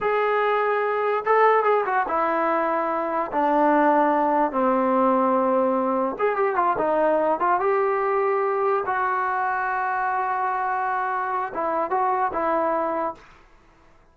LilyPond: \new Staff \with { instrumentName = "trombone" } { \time 4/4 \tempo 4 = 146 gis'2. a'4 | gis'8 fis'8 e'2. | d'2. c'4~ | c'2. gis'8 g'8 |
f'8 dis'4. f'8 g'4.~ | g'4. fis'2~ fis'8~ | fis'1 | e'4 fis'4 e'2 | }